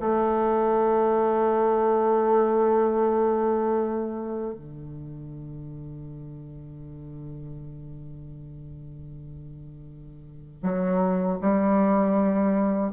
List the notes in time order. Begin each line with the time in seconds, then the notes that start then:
0.00 A3
4.54 D3
10.63 F#3
11.41 G3